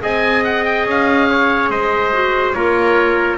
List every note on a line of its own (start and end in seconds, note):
0.00 0.85 C4
0.00 2.11 G#4
0.00 1.29 D#5
0.00 0.44 G#5
0.44 0.64 F#5
0.64 0.85 G5
0.85 1.69 C#4
0.85 1.70 F5
1.30 1.71 C#5
1.69 2.54 G#3
1.69 2.55 C5
1.69 2.52 D#5
2.12 2.55 F#4
2.52 3.37 A#3
2.52 3.37 F4
2.52 3.37 A#4
2.52 3.37 C#5